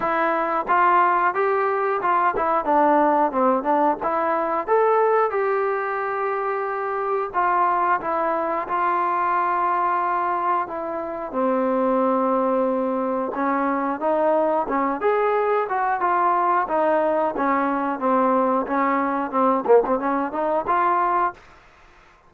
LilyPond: \new Staff \with { instrumentName = "trombone" } { \time 4/4 \tempo 4 = 90 e'4 f'4 g'4 f'8 e'8 | d'4 c'8 d'8 e'4 a'4 | g'2. f'4 | e'4 f'2. |
e'4 c'2. | cis'4 dis'4 cis'8 gis'4 fis'8 | f'4 dis'4 cis'4 c'4 | cis'4 c'8 ais16 c'16 cis'8 dis'8 f'4 | }